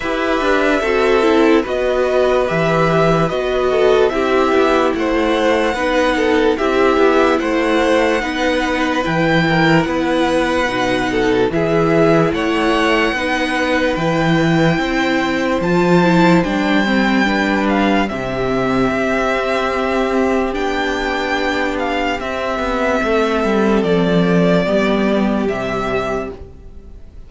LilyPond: <<
  \new Staff \with { instrumentName = "violin" } { \time 4/4 \tempo 4 = 73 e''2 dis''4 e''4 | dis''4 e''4 fis''2 | e''4 fis''2 g''4 | fis''2 e''4 fis''4~ |
fis''4 g''2 a''4 | g''4. f''8 e''2~ | e''4 g''4. f''8 e''4~ | e''4 d''2 e''4 | }
  \new Staff \with { instrumentName = "violin" } { \time 4/4 b'4 a'4 b'2~ | b'8 a'8 g'4 c''4 b'8 a'8 | g'4 c''4 b'4. ais'8 | b'4. a'8 gis'4 cis''4 |
b'2 c''2~ | c''4 b'4 g'2~ | g'1 | a'2 g'2 | }
  \new Staff \with { instrumentName = "viola" } { \time 4/4 g'4 fis'8 e'8 fis'4 g'4 | fis'4 e'2 dis'4 | e'2 dis'4 e'4~ | e'4 dis'4 e'2 |
dis'4 e'2 f'8 e'8 | d'8 c'8 d'4 c'2~ | c'4 d'2 c'4~ | c'2 b4 g4 | }
  \new Staff \with { instrumentName = "cello" } { \time 4/4 e'8 d'8 c'4 b4 e4 | b4 c'8 b8 a4 b4 | c'8 b8 a4 b4 e4 | b4 b,4 e4 a4 |
b4 e4 c'4 f4 | g2 c4 c'4~ | c'4 b2 c'8 b8 | a8 g8 f4 g4 c4 | }
>>